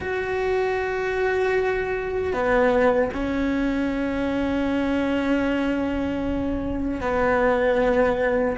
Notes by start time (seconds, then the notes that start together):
0.00 F#4
2.33 B3
3.13 C#4
7.01 B3